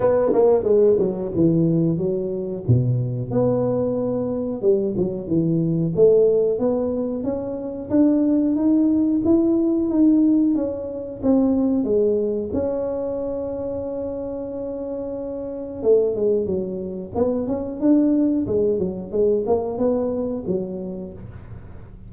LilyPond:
\new Staff \with { instrumentName = "tuba" } { \time 4/4 \tempo 4 = 91 b8 ais8 gis8 fis8 e4 fis4 | b,4 b2 g8 fis8 | e4 a4 b4 cis'4 | d'4 dis'4 e'4 dis'4 |
cis'4 c'4 gis4 cis'4~ | cis'1 | a8 gis8 fis4 b8 cis'8 d'4 | gis8 fis8 gis8 ais8 b4 fis4 | }